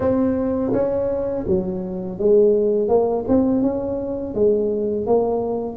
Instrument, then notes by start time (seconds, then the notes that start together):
tuba
0.00 C4
0.73 C#4
1.47 F#3
2.19 G#3
2.88 A#3
3.27 C4
3.61 C#4
4.34 G#3
5.06 A#3